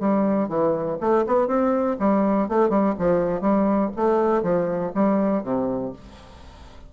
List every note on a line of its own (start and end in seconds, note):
0.00 0.49 G3
0.49 0.98 E3
1.01 1.25 A3
1.27 1.48 B3
1.48 1.97 C4
1.99 2.49 G3
2.49 2.70 A3
2.70 2.94 G3
2.99 3.41 F3
3.41 3.90 G3
3.96 4.43 A3
4.43 4.92 F3
4.95 5.43 G3
5.43 5.93 C3